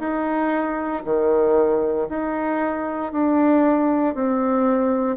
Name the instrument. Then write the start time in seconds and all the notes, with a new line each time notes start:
bassoon
0.00 D#4
1.05 D#3
2.10 D#4
3.13 D4
4.15 C4